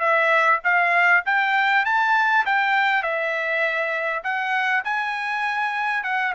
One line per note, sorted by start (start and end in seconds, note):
0.00 0.60 E5
0.64 1.24 F5
1.26 1.85 G5
1.85 2.45 A5
2.45 3.03 G5
3.03 4.23 E5
4.24 4.84 F#5
4.84 6.04 G#5
6.04 6.34 F#5